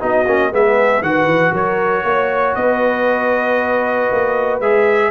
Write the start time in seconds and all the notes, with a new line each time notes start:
0.00 B3 D#4 F#4 D#5
0.26 A#3 C#4
0.52 G#3 B3 G#4 E5
1.01 D#3 F#4 B4 F#5
1.25 E3
1.53 F#3 A#4 C#5
2.04 A#3 C#5
2.55 B3 B4 D#5
4.12 A#3
4.60 G#3 G#4 E5